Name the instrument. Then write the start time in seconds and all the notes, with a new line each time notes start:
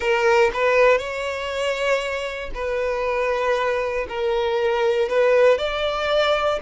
violin
0.00 A#4
0.53 B4
0.98 C#5
2.54 B4
4.08 A#4
5.08 B4
5.57 D5